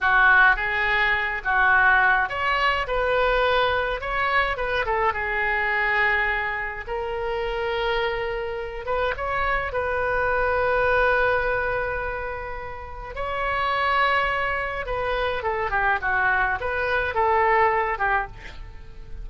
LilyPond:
\new Staff \with { instrumentName = "oboe" } { \time 4/4 \tempo 4 = 105 fis'4 gis'4. fis'4. | cis''4 b'2 cis''4 | b'8 a'8 gis'2. | ais'2.~ ais'8 b'8 |
cis''4 b'2.~ | b'2. cis''4~ | cis''2 b'4 a'8 g'8 | fis'4 b'4 a'4. g'8 | }